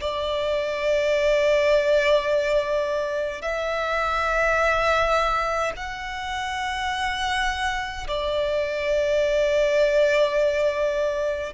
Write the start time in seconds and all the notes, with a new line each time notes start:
0.00 D5
3.41 E5
5.76 F#5
8.07 D5